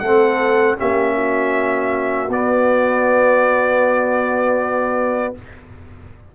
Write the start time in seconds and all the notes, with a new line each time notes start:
0.00 A3 C4 A4 F#5
0.78 A#3 C#4 G4 E5
1.18 F#4
2.29 B3 D5